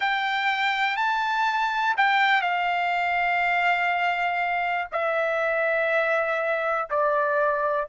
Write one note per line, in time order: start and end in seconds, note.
0.00 0.96 G5
0.96 1.94 A5
1.97 2.41 G5
2.41 4.87 F5
4.92 6.89 E5
6.90 7.88 D5